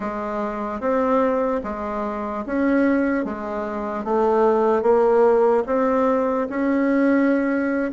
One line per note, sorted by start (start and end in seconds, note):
0.00 0.80 G#3
0.80 1.61 C4
1.63 2.44 G#3
2.45 3.24 C#4
3.24 4.04 G#3
4.04 4.82 A3
4.82 5.63 A#3
5.66 6.47 C4
6.49 7.91 C#4